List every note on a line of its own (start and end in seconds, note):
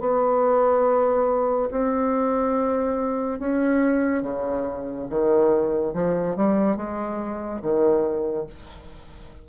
0.00 1.69 B3
1.71 3.39 C4
3.39 4.23 C#4
4.23 5.07 C#3
5.09 5.93 D#3
5.93 6.36 F3
6.36 6.76 G3
6.76 7.61 G#3
7.62 8.47 D#3